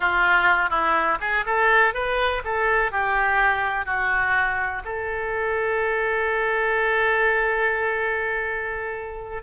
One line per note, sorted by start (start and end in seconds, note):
0.00 0.70 F4
0.70 1.18 E4
1.20 1.44 G#4
1.46 1.94 A4
1.94 2.42 B4
2.44 2.91 A4
2.91 3.85 G4
3.85 4.82 F#4
4.84 9.42 A4